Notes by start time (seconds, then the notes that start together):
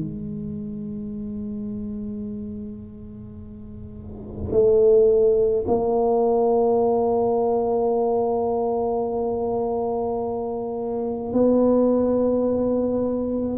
0.00 G#3
4.52 A3
5.68 A#3
11.33 B3